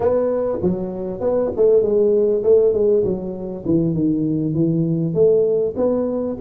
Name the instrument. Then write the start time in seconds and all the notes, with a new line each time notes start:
tuba
0.00 B3
0.61 F#3
1.20 B3
1.56 A3
1.82 G#3
2.43 A3
2.73 G#3
3.04 F#3
3.65 E3
3.93 D#3
4.53 E3
5.13 A3
5.76 B3